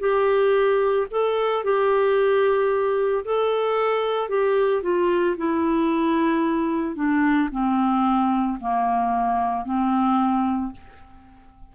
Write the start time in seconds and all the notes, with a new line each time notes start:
0.00 G4
1.11 A4
1.64 G4
3.25 A4
4.29 G4
4.83 F4
5.38 E4
6.96 D4
7.51 C4
8.61 A#3
9.65 C4